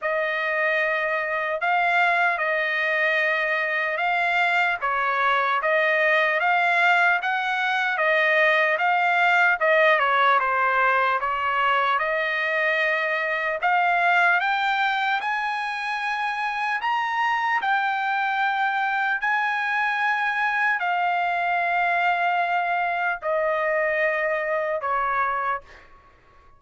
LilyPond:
\new Staff \with { instrumentName = "trumpet" } { \time 4/4 \tempo 4 = 75 dis''2 f''4 dis''4~ | dis''4 f''4 cis''4 dis''4 | f''4 fis''4 dis''4 f''4 | dis''8 cis''8 c''4 cis''4 dis''4~ |
dis''4 f''4 g''4 gis''4~ | gis''4 ais''4 g''2 | gis''2 f''2~ | f''4 dis''2 cis''4 | }